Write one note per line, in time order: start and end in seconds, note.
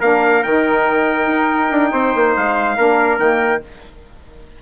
0.00 0.44 A#3
0.00 0.44 D4
0.00 1.91 A#4
0.00 0.43 F5
0.43 1.27 D#3
0.43 2.78 D#4
0.43 2.35 G5
1.27 1.69 D#4
1.72 1.93 D4
1.93 2.14 C4
1.93 2.77 C5
2.16 2.37 A#3
2.36 2.78 G#3
2.36 3.20 F5
2.77 3.19 A#3
2.77 3.20 D4
2.77 3.62 A#4
3.19 3.62 D#3
3.19 3.62 A#3
3.19 3.62 G5